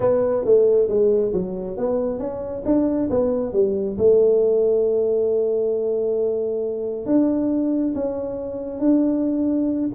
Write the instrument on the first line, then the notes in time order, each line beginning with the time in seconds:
tuba
0.00 B3
0.45 A3
0.88 G#3
1.33 F#3
1.77 B3
2.19 C#4
2.65 D4
3.10 B3
3.53 G3
3.98 A3
7.05 D4
7.94 C#4
8.79 D4